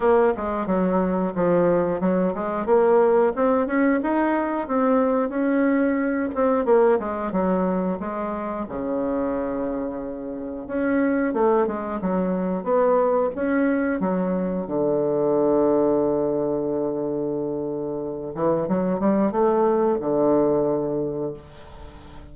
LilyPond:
\new Staff \with { instrumentName = "bassoon" } { \time 4/4 \tempo 4 = 90 ais8 gis8 fis4 f4 fis8 gis8 | ais4 c'8 cis'8 dis'4 c'4 | cis'4. c'8 ais8 gis8 fis4 | gis4 cis2. |
cis'4 a8 gis8 fis4 b4 | cis'4 fis4 d2~ | d2.~ d8 e8 | fis8 g8 a4 d2 | }